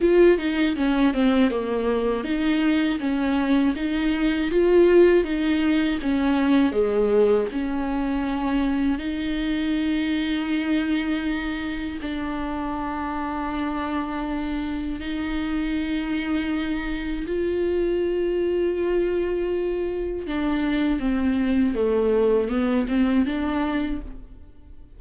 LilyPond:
\new Staff \with { instrumentName = "viola" } { \time 4/4 \tempo 4 = 80 f'8 dis'8 cis'8 c'8 ais4 dis'4 | cis'4 dis'4 f'4 dis'4 | cis'4 gis4 cis'2 | dis'1 |
d'1 | dis'2. f'4~ | f'2. d'4 | c'4 a4 b8 c'8 d'4 | }